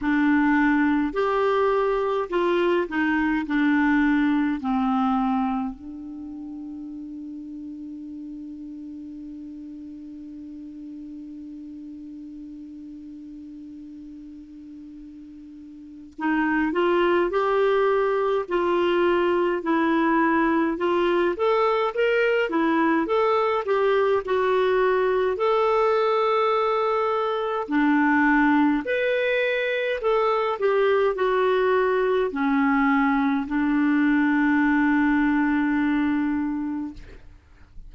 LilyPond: \new Staff \with { instrumentName = "clarinet" } { \time 4/4 \tempo 4 = 52 d'4 g'4 f'8 dis'8 d'4 | c'4 d'2.~ | d'1~ | d'2 dis'8 f'8 g'4 |
f'4 e'4 f'8 a'8 ais'8 e'8 | a'8 g'8 fis'4 a'2 | d'4 b'4 a'8 g'8 fis'4 | cis'4 d'2. | }